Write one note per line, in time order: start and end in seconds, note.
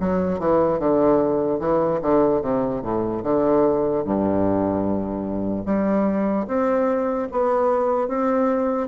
0.00 0.39 F#3
0.39 0.79 E3
0.79 1.60 D3
1.60 2.00 E3
2.02 2.41 D3
2.41 2.82 C3
2.82 3.22 A2
3.23 4.04 D3
4.04 5.65 G2
5.65 6.46 G3
6.47 7.28 C4
7.31 8.08 B3
8.08 8.87 C4